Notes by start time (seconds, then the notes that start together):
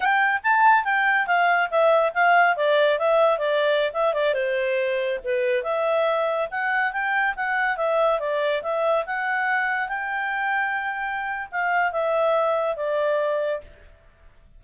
0.00 G5
0.43 A5
0.84 G5
1.26 F5
1.70 E5
2.14 F5
2.56 D5
2.98 E5
3.38 D5
3.93 E5
4.13 D5
4.34 C5
5.24 B4
5.63 E5
6.50 F#5
6.92 G5
7.36 F#5
7.77 E5
8.19 D5
8.62 E5
9.06 F#5
9.88 G5
11.51 F5
11.91 E5
12.76 D5